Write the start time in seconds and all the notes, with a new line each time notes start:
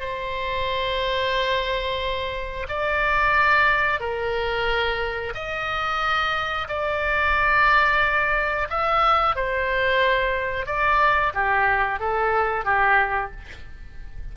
0.00 C5
2.68 D5
4.00 A#4
5.34 D#5
6.68 D5
8.69 E5
9.35 C5
10.66 D5
11.34 G4
12.00 A4
12.65 G4